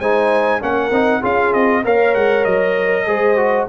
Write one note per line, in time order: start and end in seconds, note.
0.00 0.62 G#3
0.00 0.61 D#4
0.00 0.61 C5
0.00 0.62 G#5
0.61 0.91 A#3
0.61 0.91 C#4
0.61 1.21 A#4
0.61 1.25 F#5
0.91 1.22 C4
0.91 1.23 D#4
1.21 1.54 C#4
1.21 1.84 F4
1.21 1.82 G#4
1.21 1.54 F5
1.54 1.85 C4
1.54 1.84 D#5
1.84 2.15 A#3
1.84 3.07 A#4
1.84 3.07 C#5
1.84 2.15 F5
2.15 2.46 G#3
2.15 2.45 F#5
2.45 3.07 F#3
2.45 3.67 D#5
3.07 3.69 G#3
3.07 3.37 G#4
3.07 3.69 C5
3.37 3.67 F#4